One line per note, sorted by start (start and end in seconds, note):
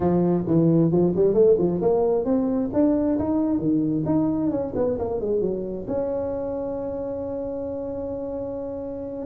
0.00 0.45 F3
0.46 0.91 E3
0.91 1.14 F3
1.15 1.34 G3
1.34 1.56 A3
1.58 1.80 F3
1.81 2.24 A#3
2.24 2.69 C4
2.73 3.18 D4
3.18 3.58 D#4
3.58 4.03 D#3
4.05 4.50 D#4
4.50 4.73 C#4
4.75 4.97 B3
4.98 5.20 A#3
5.20 5.41 G#3
5.41 5.86 F#3
5.87 9.25 C#4